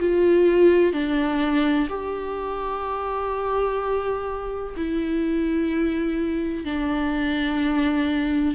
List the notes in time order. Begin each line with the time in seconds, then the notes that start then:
0.00 F4
0.93 D4
1.90 G4
4.77 E4
6.65 D4